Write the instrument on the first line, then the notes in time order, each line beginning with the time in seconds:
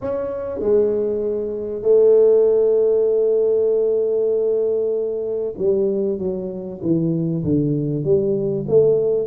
tuba
0.01 C#4
0.59 G#3
1.82 A3
5.57 G3
6.18 F#3
6.82 E3
7.44 D3
8.04 G3
8.68 A3